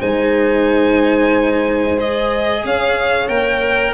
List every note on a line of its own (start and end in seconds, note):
0.00 2.65 G#3
0.00 1.98 D#4
0.00 2.64 C5
0.00 1.99 G#5
1.98 3.29 G#4
1.98 2.66 D#5
2.65 3.29 C#4
2.65 3.95 C#5
2.65 3.28 F5
3.28 3.95 A#3
3.28 3.95 A#4
3.28 3.94 G5